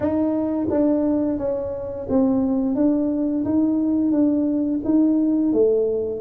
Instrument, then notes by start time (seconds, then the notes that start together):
tuba
0.00 D#4
0.70 D4
1.38 C#4
2.09 C4
2.75 D4
3.45 D#4
4.11 D4
4.84 D#4
5.52 A3